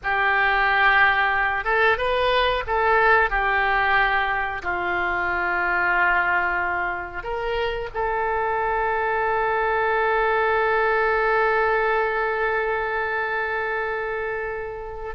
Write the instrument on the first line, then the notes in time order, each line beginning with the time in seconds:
oboe
0.03 G4
1.64 A4
1.97 B4
2.66 A4
3.30 G4
4.62 F4
7.23 A#4
7.93 A4